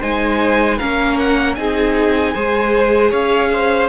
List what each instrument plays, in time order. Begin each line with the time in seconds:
0.00 cello G#3, viola D#4, violin C5 G#5
0.78 cello A#3, viola C#4, violin A#4 F5
1.19 violin F#5
1.55 cello C4, viola D#4, violin G#4 G#5
2.34 cello G#3, viola G#4, violin C5
3.11 cello C#4, violin C#5 F5
3.53 violin C5